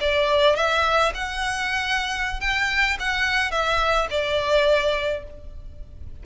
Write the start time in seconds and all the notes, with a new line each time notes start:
0.00 D5
0.56 E5
1.14 F#5
2.40 G5
2.99 F#5
3.51 E5
4.10 D5